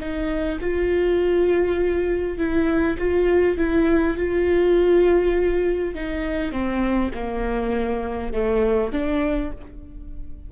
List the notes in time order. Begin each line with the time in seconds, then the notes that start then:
0.00 D#4
0.61 F4
2.38 E4
2.98 F4
3.58 E4
4.17 F4
5.95 D#4
6.52 C4
7.14 A#3
8.33 A3
8.92 D4